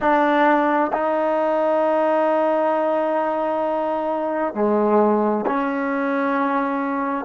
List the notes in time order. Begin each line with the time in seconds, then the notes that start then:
0.00 D4
0.92 D#4
4.54 G#3
5.46 C#4